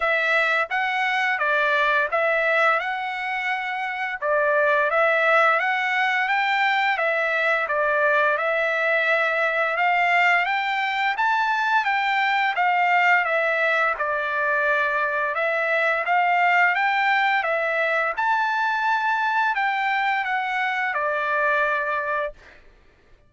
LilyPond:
\new Staff \with { instrumentName = "trumpet" } { \time 4/4 \tempo 4 = 86 e''4 fis''4 d''4 e''4 | fis''2 d''4 e''4 | fis''4 g''4 e''4 d''4 | e''2 f''4 g''4 |
a''4 g''4 f''4 e''4 | d''2 e''4 f''4 | g''4 e''4 a''2 | g''4 fis''4 d''2 | }